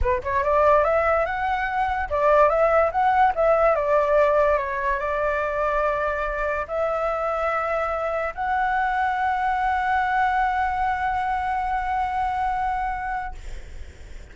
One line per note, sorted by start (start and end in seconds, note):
0.01 0.22 B4
0.23 0.43 C#5
0.43 0.83 D5
0.83 1.25 E5
1.25 2.09 F#5
2.09 2.49 D5
2.49 2.90 E5
2.91 3.33 F#5
3.35 3.75 E5
3.75 4.58 D5
4.58 4.99 C#5
4.99 6.66 D5
6.67 8.34 E5
8.34 13.34 F#5